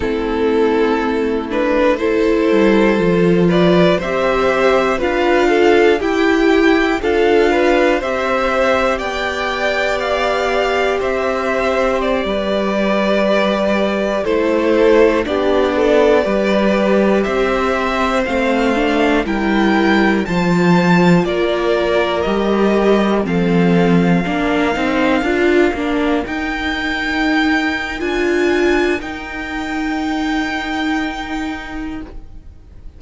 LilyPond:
<<
  \new Staff \with { instrumentName = "violin" } { \time 4/4 \tempo 4 = 60 a'4. b'8 c''4. d''8 | e''4 f''4 g''4 f''4 | e''4 g''4 f''4 e''4 | d''2~ d''16 c''4 d''8.~ |
d''4~ d''16 e''4 f''4 g''8.~ | g''16 a''4 d''4 dis''4 f''8.~ | f''2~ f''16 g''4.~ g''16 | gis''4 g''2. | }
  \new Staff \with { instrumentName = "violin" } { \time 4/4 e'2 a'4. b'8 | c''4 b'8 a'8 g'4 a'8 b'8 | c''4 d''2 c''4~ | c''16 b'2 a'4 g'8 a'16~ |
a'16 b'4 c''2 ais'8.~ | ais'16 c''4 ais'2 a'8.~ | a'16 ais'2.~ ais'8.~ | ais'1 | }
  \new Staff \with { instrumentName = "viola" } { \time 4/4 c'4. d'8 e'4 f'4 | g'4 f'4 e'4 f'4 | g'1~ | g'2~ g'16 e'4 d'8.~ |
d'16 g'2 c'8 d'8 e'8.~ | e'16 f'2 g'4 c'8.~ | c'16 d'8 dis'8 f'8 d'8 dis'4.~ dis'16 | f'4 dis'2. | }
  \new Staff \with { instrumentName = "cello" } { \time 4/4 a2~ a8 g8 f4 | c'4 d'4 e'4 d'4 | c'4 b2 c'4~ | c'16 g2 a4 b8.~ |
b16 g4 c'4 a4 g8.~ | g16 f4 ais4 g4 f8.~ | f16 ais8 c'8 d'8 ais8 dis'4.~ dis'16 | d'4 dis'2. | }
>>